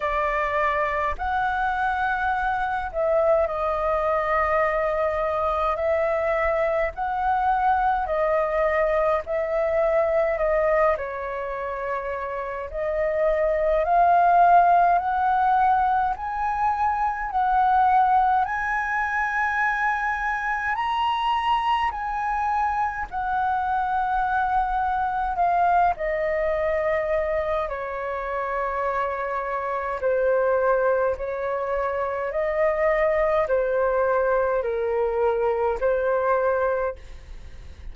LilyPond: \new Staff \with { instrumentName = "flute" } { \time 4/4 \tempo 4 = 52 d''4 fis''4. e''8 dis''4~ | dis''4 e''4 fis''4 dis''4 | e''4 dis''8 cis''4. dis''4 | f''4 fis''4 gis''4 fis''4 |
gis''2 ais''4 gis''4 | fis''2 f''8 dis''4. | cis''2 c''4 cis''4 | dis''4 c''4 ais'4 c''4 | }